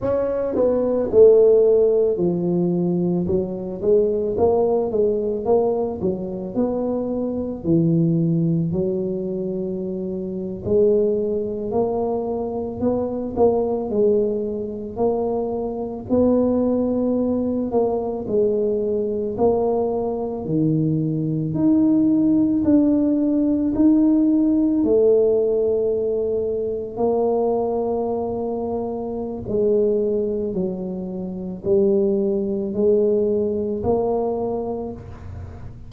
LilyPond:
\new Staff \with { instrumentName = "tuba" } { \time 4/4 \tempo 4 = 55 cis'8 b8 a4 f4 fis8 gis8 | ais8 gis8 ais8 fis8 b4 e4 | fis4.~ fis16 gis4 ais4 b16~ | b16 ais8 gis4 ais4 b4~ b16~ |
b16 ais8 gis4 ais4 dis4 dis'16~ | dis'8. d'4 dis'4 a4~ a16~ | a8. ais2~ ais16 gis4 | fis4 g4 gis4 ais4 | }